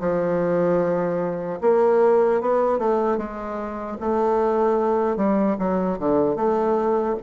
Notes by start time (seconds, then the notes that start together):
0.00 F3
1.61 A#3
2.41 B3
2.79 A3
3.18 G#3
4.01 A3
5.17 G3
5.59 F#3
5.99 D3
6.36 A3